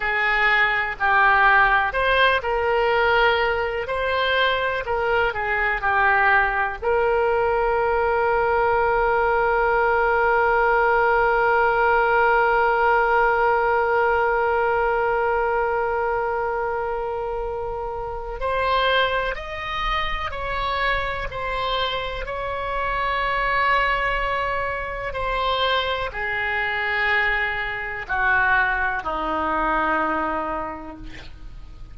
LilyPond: \new Staff \with { instrumentName = "oboe" } { \time 4/4 \tempo 4 = 62 gis'4 g'4 c''8 ais'4. | c''4 ais'8 gis'8 g'4 ais'4~ | ais'1~ | ais'1~ |
ais'2. c''4 | dis''4 cis''4 c''4 cis''4~ | cis''2 c''4 gis'4~ | gis'4 fis'4 dis'2 | }